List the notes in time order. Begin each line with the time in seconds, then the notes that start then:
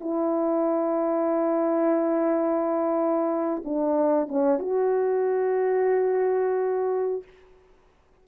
0.00 E4
3.64 D4
4.28 C#4
4.59 F#4